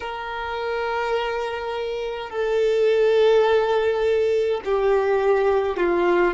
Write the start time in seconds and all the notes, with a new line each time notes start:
0.00 A#4
2.30 A4
4.65 G4
5.76 F4